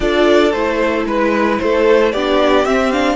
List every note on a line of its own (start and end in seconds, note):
0.00 0.53 D4
0.00 0.52 F4
0.00 1.07 A4
0.00 0.52 D5
0.52 1.05 A3
0.52 2.14 E4
0.52 1.05 C5
1.05 1.58 G#3
1.05 1.59 B4
1.05 1.62 B4
1.59 2.13 A3
1.59 2.12 A4
1.59 2.12 C5
2.12 2.65 B3
2.12 2.66 D4
2.12 3.16 G4
2.12 2.64 D5
2.64 3.16 C4
2.64 2.92 C4
2.64 2.91 E5
2.91 3.16 D4
2.91 3.16 F5